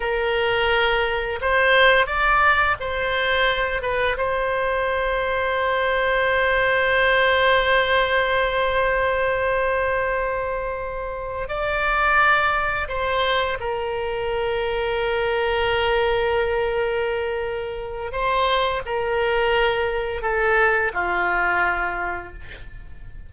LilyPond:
\new Staff \with { instrumentName = "oboe" } { \time 4/4 \tempo 4 = 86 ais'2 c''4 d''4 | c''4. b'8 c''2~ | c''1~ | c''1~ |
c''8 d''2 c''4 ais'8~ | ais'1~ | ais'2 c''4 ais'4~ | ais'4 a'4 f'2 | }